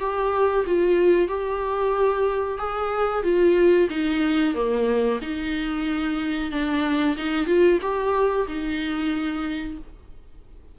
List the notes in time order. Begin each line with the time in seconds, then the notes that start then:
0.00 G4
0.66 F4
1.28 G4
2.58 G#4
3.23 F4
3.90 D#4
4.55 A#3
5.22 D#4
6.52 D4
7.17 D#4
7.47 F4
7.82 G4
8.48 D#4